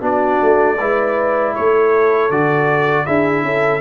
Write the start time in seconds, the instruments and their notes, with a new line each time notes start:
0.00 tuba B3, trombone D4, horn F#4, trumpet D5
0.42 tuba A3
0.78 tuba G#3, trombone E4, horn B4
1.55 tuba A3, horn A4, trumpet C#5
2.30 tuba D3, trombone F#4, trumpet D5
3.06 tuba D4, trombone E4, horn G#4, trumpet E5
3.43 tuba C#4, horn A4